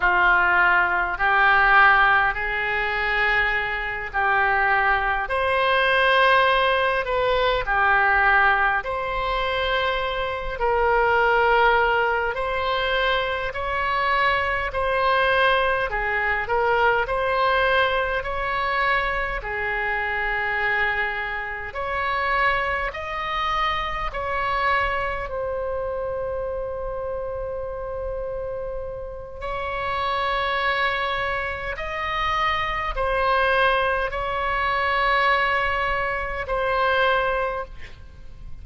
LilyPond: \new Staff \with { instrumentName = "oboe" } { \time 4/4 \tempo 4 = 51 f'4 g'4 gis'4. g'8~ | g'8 c''4. b'8 g'4 c''8~ | c''4 ais'4. c''4 cis''8~ | cis''8 c''4 gis'8 ais'8 c''4 cis''8~ |
cis''8 gis'2 cis''4 dis''8~ | dis''8 cis''4 c''2~ c''8~ | c''4 cis''2 dis''4 | c''4 cis''2 c''4 | }